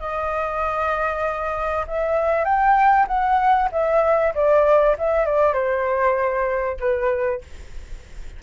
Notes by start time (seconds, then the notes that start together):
0.00 D#5
1.88 E5
2.45 G5
3.08 F#5
3.72 E5
4.34 D5
4.98 E5
5.25 D5
5.53 C5
6.80 B4